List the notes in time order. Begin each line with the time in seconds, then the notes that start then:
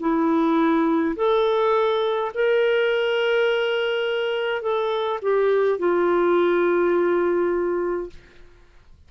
0.00 E4
1.16 A4
2.34 A#4
4.62 A4
5.22 G4
5.78 F4